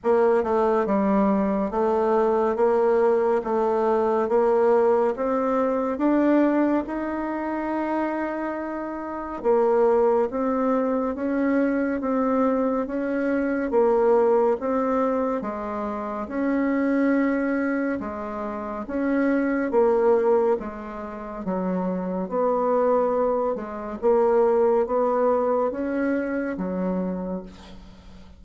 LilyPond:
\new Staff \with { instrumentName = "bassoon" } { \time 4/4 \tempo 4 = 70 ais8 a8 g4 a4 ais4 | a4 ais4 c'4 d'4 | dis'2. ais4 | c'4 cis'4 c'4 cis'4 |
ais4 c'4 gis4 cis'4~ | cis'4 gis4 cis'4 ais4 | gis4 fis4 b4. gis8 | ais4 b4 cis'4 fis4 | }